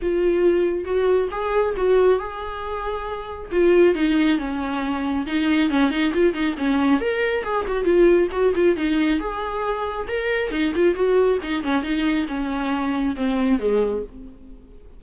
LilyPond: \new Staff \with { instrumentName = "viola" } { \time 4/4 \tempo 4 = 137 f'2 fis'4 gis'4 | fis'4 gis'2. | f'4 dis'4 cis'2 | dis'4 cis'8 dis'8 f'8 dis'8 cis'4 |
ais'4 gis'8 fis'8 f'4 fis'8 f'8 | dis'4 gis'2 ais'4 | dis'8 f'8 fis'4 dis'8 cis'8 dis'4 | cis'2 c'4 gis4 | }